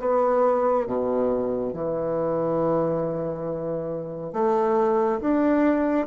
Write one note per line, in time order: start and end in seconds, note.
0.00 0.87 B3
0.87 1.74 B2
1.74 4.34 E3
4.34 5.21 A3
5.21 6.07 D4